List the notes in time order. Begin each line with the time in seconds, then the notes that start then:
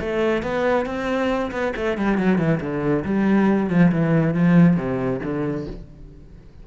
0.00 A3
0.43 B3
0.86 C4
1.51 B3
1.76 A3
1.97 G3
2.18 F#3
2.38 E3
2.60 D3
3.05 G3
3.70 F3
3.92 E3
4.34 F3
4.76 C3
5.23 D3